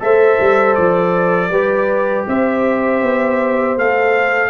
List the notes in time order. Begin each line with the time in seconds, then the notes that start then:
0.00 A3 A4 C5 E5
0.40 G3
0.75 F3 D5
1.50 G3 G4 B4
2.27 C4 C5 E5
3.03 B3
3.77 A3 A4 F5